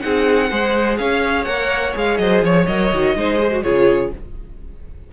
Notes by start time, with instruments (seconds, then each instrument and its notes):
0.00 cello C4, viola D#4, violin G#4 F#5
0.50 cello G#3, viola G#4, violin C5
0.98 cello C#4, violin C#5 F5
1.45 cello A#3, viola A#4, violin F#5
1.94 cello G#3, viola G#4, violin F5
2.18 cello F#3, violin C5 D#5
2.43 cello F3, violin C#5
2.67 cello F#3, viola A#4, violin D#5
2.92 cello D#3, viola F#4
3.16 cello G#3, viola D#4, violin C5
3.39 viola G#4
3.51 viola F#4
3.63 cello C#3, viola F4, violin G#4 C#5